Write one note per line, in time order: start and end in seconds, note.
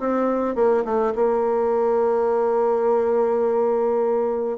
0.00 0.56 C4
0.56 0.84 A#3
0.85 1.14 A3
1.16 4.58 A#3